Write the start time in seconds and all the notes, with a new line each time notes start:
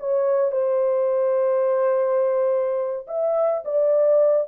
0.00 C#5
0.52 C5
3.08 E5
3.65 D5